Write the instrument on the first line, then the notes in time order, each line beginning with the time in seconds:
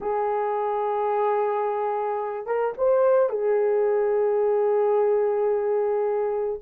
horn
0.01 G#4
2.46 A#4
2.77 C5
3.29 G#4